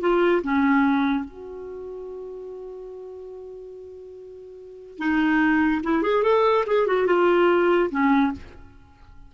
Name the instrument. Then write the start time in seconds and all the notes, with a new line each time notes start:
clarinet
0.00 F4
0.43 C#4
1.25 F#4
4.98 D#4
5.83 E4
6.02 G#4
6.23 A4
6.66 G#4
6.87 F#4
7.06 F4
7.91 C#4